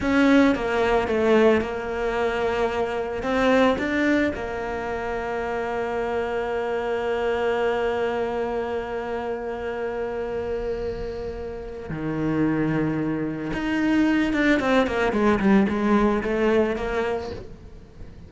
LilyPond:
\new Staff \with { instrumentName = "cello" } { \time 4/4 \tempo 4 = 111 cis'4 ais4 a4 ais4~ | ais2 c'4 d'4 | ais1~ | ais1~ |
ais1~ | ais2 dis2~ | dis4 dis'4. d'8 c'8 ais8 | gis8 g8 gis4 a4 ais4 | }